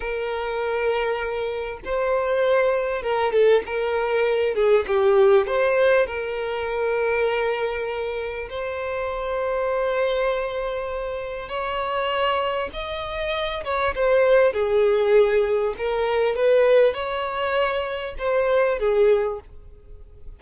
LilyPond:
\new Staff \with { instrumentName = "violin" } { \time 4/4 \tempo 4 = 99 ais'2. c''4~ | c''4 ais'8 a'8 ais'4. gis'8 | g'4 c''4 ais'2~ | ais'2 c''2~ |
c''2. cis''4~ | cis''4 dis''4. cis''8 c''4 | gis'2 ais'4 b'4 | cis''2 c''4 gis'4 | }